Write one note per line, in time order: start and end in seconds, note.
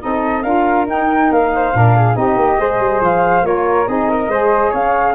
0.00 0.44 C4
0.00 0.43 D#4
0.00 0.43 A4
0.00 0.43 D#5
0.43 0.87 D4
0.43 0.87 F4
0.43 1.50 A#4
0.43 0.86 F5
0.87 1.30 D#4
0.87 1.73 D#4
0.87 1.33 G5
1.30 1.73 A#3
1.30 2.16 F5
1.55 1.77 C5
1.73 2.16 A#2
1.73 2.13 D4
1.73 1.96 A#4
1.96 2.17 G#4
2.13 2.36 C4
2.13 2.56 D#4
2.13 2.60 G4
2.13 3.02 D#5
2.36 2.57 A#3
2.58 2.79 G#3
2.58 3.42 G#4
2.58 3.46 C5
2.79 3.01 G3
3.01 3.42 F3
3.01 3.46 F5
3.42 3.85 A#3
3.42 3.85 F4
3.42 3.88 A#4
3.42 3.87 C#5
3.87 4.28 C4
3.87 4.30 D#4
3.87 4.10 G#4
3.87 4.73 D#5
4.10 4.30 A#4
4.28 4.71 G#3
4.28 5.15 G#4
4.28 4.70 C5
4.70 5.15 C#4
4.70 5.13 C#5
4.70 5.15 F5